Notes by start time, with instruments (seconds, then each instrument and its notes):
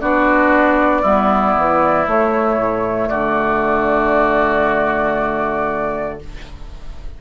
0.00 bassoon B3, clarinet D4, oboe F#4, flute D5
1.02 bassoon G3, clarinet B3, oboe E4
1.57 bassoon E3
2.06 clarinet A3, bassoon A3, flute C#5
2.56 bassoon A2
3.08 bassoon D3, oboe F#4, flute D5